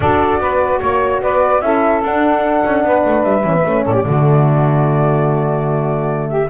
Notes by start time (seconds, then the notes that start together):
0.00 D4 F#4 A4 D5
0.39 B3 B4
0.79 A#3 C#5
1.21 B3 B4 D5
1.61 C#4 E4 A4 E5
2.02 D4 F#5
2.65 C#4
2.84 B3 B4
3.05 A3
3.23 G3 E5
3.43 E3 C#4
3.53 B3
3.65 A3 C#4
3.84 A2 A4 D5
3.93 G4
4.04 D3 A3 F#4
6.28 G4 E5